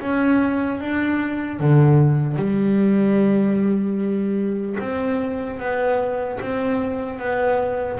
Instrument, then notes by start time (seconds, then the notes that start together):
double bass
0.00 C#4
0.80 D4
1.59 D3
2.36 G3
4.79 C4
5.59 B3
6.41 C4
7.19 B3